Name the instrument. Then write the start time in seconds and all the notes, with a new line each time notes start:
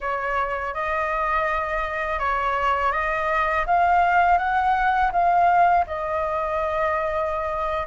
flute
0.00 C#5
0.74 D#5
2.19 C#5
2.91 D#5
3.66 F5
4.38 F#5
5.12 F5
5.87 D#5